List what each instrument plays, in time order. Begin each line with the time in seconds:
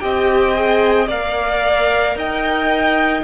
0.00 cello C4, viola G4, violin D#5 G5
0.54 viola G#4
1.07 cello A#3, viola A#4, violin D5 F5
2.16 cello D#4, violin D#5 G5